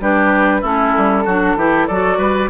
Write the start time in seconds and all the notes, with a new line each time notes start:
0.00 G3 D4 G4 B4
0.61 A3 C#4 E4 A4
0.97 G3
1.25 F#3 D4 F#4
1.55 E3 E4 G4
1.87 F#3 F#4 A4 D5
2.18 G3 B4